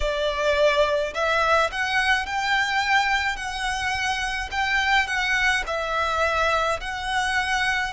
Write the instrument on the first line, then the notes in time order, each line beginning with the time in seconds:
violin
0.00 D5
1.13 E5
1.71 F#5
2.26 G5
3.36 F#5
4.51 G5
5.06 F#5
5.66 E5
6.80 F#5